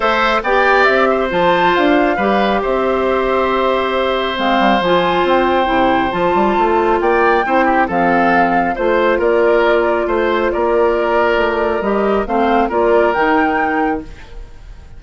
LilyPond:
<<
  \new Staff \with { instrumentName = "flute" } { \time 4/4 \tempo 4 = 137 e''4 g''4 e''4 a''4 | f''2 e''2~ | e''2 f''4 gis''4 | g''2 a''2 |
g''2 f''2 | c''4 d''2 c''4 | d''2. dis''4 | f''4 d''4 g''2 | }
  \new Staff \with { instrumentName = "oboe" } { \time 4/4 c''4 d''4. c''4.~ | c''4 b'4 c''2~ | c''1~ | c''1 |
d''4 c''8 g'8 a'2 | c''4 ais'2 c''4 | ais'1 | c''4 ais'2. | }
  \new Staff \with { instrumentName = "clarinet" } { \time 4/4 a'4 g'2 f'4~ | f'4 g'2.~ | g'2 c'4 f'4~ | f'4 e'4 f'2~ |
f'4 e'4 c'2 | f'1~ | f'2. g'4 | c'4 f'4 dis'2 | }
  \new Staff \with { instrumentName = "bassoon" } { \time 4/4 a4 b4 c'4 f4 | d'4 g4 c'2~ | c'2 gis8 g8 f4 | c'4 c4 f8 g8 a4 |
ais4 c'4 f2 | a4 ais2 a4 | ais2 a4 g4 | a4 ais4 dis2 | }
>>